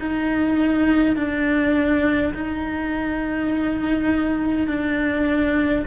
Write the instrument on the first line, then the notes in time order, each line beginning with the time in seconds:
cello
0.00 D#4
1.17 D4
2.34 D#4
4.68 D4